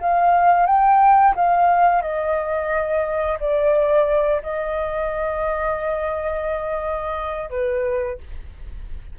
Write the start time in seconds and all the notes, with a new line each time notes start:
0.00 F5
0.67 G5
1.36 F5
2.02 D#5
3.40 D5
4.43 D#5
7.50 B4